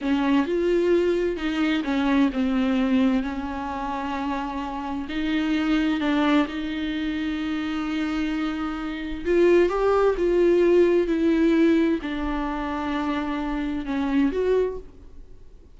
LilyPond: \new Staff \with { instrumentName = "viola" } { \time 4/4 \tempo 4 = 130 cis'4 f'2 dis'4 | cis'4 c'2 cis'4~ | cis'2. dis'4~ | dis'4 d'4 dis'2~ |
dis'1 | f'4 g'4 f'2 | e'2 d'2~ | d'2 cis'4 fis'4 | }